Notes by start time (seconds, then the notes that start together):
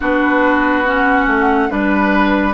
0.00 B3 D4 F#4 B4
0.86 C#4 F#5
1.26 A3
1.69 G3 D4 B4